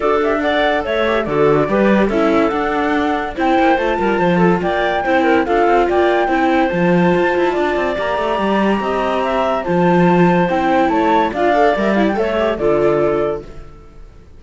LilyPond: <<
  \new Staff \with { instrumentName = "flute" } { \time 4/4 \tempo 4 = 143 d''8 e''8 fis''4 e''4 d''4~ | d''4 e''4 fis''2 | g''4 a''2 g''4~ | g''4 f''4 g''2 |
a''2. ais''4~ | ais''2. a''4~ | a''4 g''4 a''4 f''4 | e''8 f''16 g''16 e''4 d''2 | }
  \new Staff \with { instrumentName = "clarinet" } { \time 4/4 a'4 d''4 cis''4 a'4 | b'4 a'2. | c''4. ais'8 c''8 a'8 d''4 | c''8 ais'8 a'4 d''4 c''4~ |
c''2 d''2~ | d''4 dis''4 e''4 c''4~ | c''2 cis''4 d''4~ | d''4 cis''4 a'2 | }
  \new Staff \with { instrumentName = "viola" } { \time 4/4 fis'8 g'8 a'4. g'8 fis'4 | g'4 e'4 d'2 | e'4 f'2. | e'4 f'2 e'4 |
f'2. g'4~ | g'2. f'4~ | f'4 e'2 f'8 a'8 | ais'8 e'8 a'8 g'8 f'2 | }
  \new Staff \with { instrumentName = "cello" } { \time 4/4 d'2 a4 d4 | g4 cis'4 d'2 | c'8 ais8 a8 g8 f4 ais4 | c'4 d'8 c'8 ais4 c'4 |
f4 f'8 e'8 d'8 c'8 ais8 a8 | g4 c'2 f4~ | f4 c'4 a4 d'4 | g4 a4 d2 | }
>>